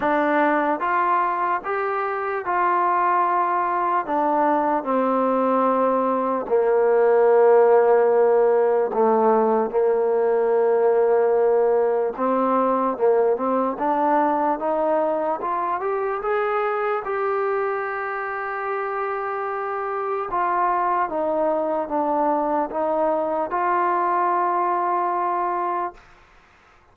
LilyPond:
\new Staff \with { instrumentName = "trombone" } { \time 4/4 \tempo 4 = 74 d'4 f'4 g'4 f'4~ | f'4 d'4 c'2 | ais2. a4 | ais2. c'4 |
ais8 c'8 d'4 dis'4 f'8 g'8 | gis'4 g'2.~ | g'4 f'4 dis'4 d'4 | dis'4 f'2. | }